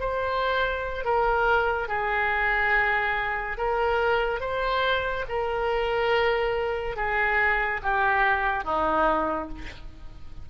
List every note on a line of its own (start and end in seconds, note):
0.00 1.05 C5
1.05 1.89 A#4
1.89 3.58 G#4
3.58 4.41 A#4
4.41 5.25 C5
5.29 6.96 A#4
6.96 7.81 G#4
7.83 8.65 G4
8.65 9.49 D#4